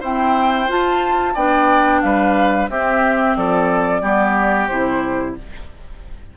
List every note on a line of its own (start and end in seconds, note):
0.00 0.68 C4
0.00 0.69 E4
0.00 1.33 C5
0.00 0.71 G5
0.68 1.35 F4
0.68 1.36 F4
0.68 1.36 A5
1.34 2.02 B3
1.34 2.69 D4
1.34 2.01 D5
1.34 2.02 G5
2.02 2.69 G3
2.02 2.71 B4
2.02 2.69 F5
2.69 3.36 C4
2.69 4.03 C4
2.69 3.37 G4
2.69 3.37 E5
3.37 4.02 F3
3.37 4.02 A4
3.37 4.67 D5
4.02 4.68 G3
4.02 4.70 B3
4.02 5.35 G4
4.67 5.36 C3
4.67 5.37 E4
4.67 5.34 C5